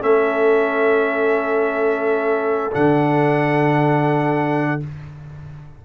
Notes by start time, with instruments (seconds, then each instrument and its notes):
0.00 tuba A3, trombone C#4, horn A4, trumpet E5
2.71 tuba D3, trombone D4, trumpet F#5